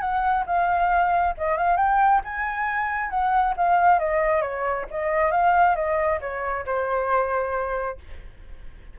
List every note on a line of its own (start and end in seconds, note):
0.00 0.44 F#5
0.46 1.34 F5
1.37 1.57 D#5
1.57 1.76 F5
1.76 2.21 G5
2.24 3.10 G#5
3.10 3.54 F#5
3.56 3.99 F5
3.99 4.41 D#5
4.41 4.85 C#5
4.90 5.31 D#5
5.31 5.75 F5
5.75 6.19 D#5
6.20 6.65 C#5
6.65 7.97 C5